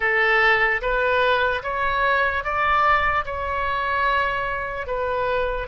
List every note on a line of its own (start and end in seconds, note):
0.00 0.81 A4
0.81 1.62 B4
1.63 2.43 C#5
2.43 3.24 D5
3.25 4.86 C#5
4.86 5.67 B4